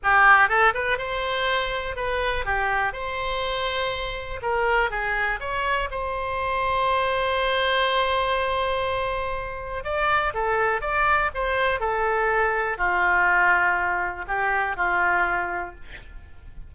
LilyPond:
\new Staff \with { instrumentName = "oboe" } { \time 4/4 \tempo 4 = 122 g'4 a'8 b'8 c''2 | b'4 g'4 c''2~ | c''4 ais'4 gis'4 cis''4 | c''1~ |
c''1 | d''4 a'4 d''4 c''4 | a'2 f'2~ | f'4 g'4 f'2 | }